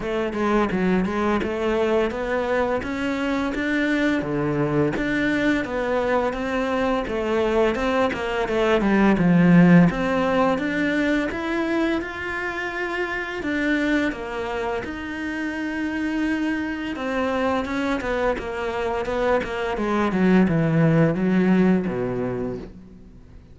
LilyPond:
\new Staff \with { instrumentName = "cello" } { \time 4/4 \tempo 4 = 85 a8 gis8 fis8 gis8 a4 b4 | cis'4 d'4 d4 d'4 | b4 c'4 a4 c'8 ais8 | a8 g8 f4 c'4 d'4 |
e'4 f'2 d'4 | ais4 dis'2. | c'4 cis'8 b8 ais4 b8 ais8 | gis8 fis8 e4 fis4 b,4 | }